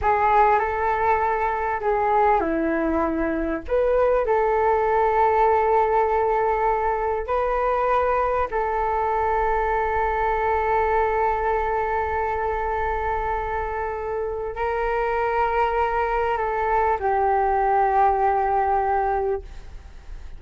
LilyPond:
\new Staff \with { instrumentName = "flute" } { \time 4/4 \tempo 4 = 99 gis'4 a'2 gis'4 | e'2 b'4 a'4~ | a'1 | b'2 a'2~ |
a'1~ | a'1 | ais'2. a'4 | g'1 | }